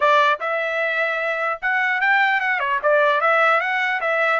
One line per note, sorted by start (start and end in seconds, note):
0.00 0.39 D5
0.40 1.60 E5
1.61 2.01 F#5
2.01 2.40 G5
2.40 2.59 F#5
2.59 2.79 C#5
2.82 3.20 D5
3.20 3.60 E5
3.60 4.00 F#5
4.01 4.40 E5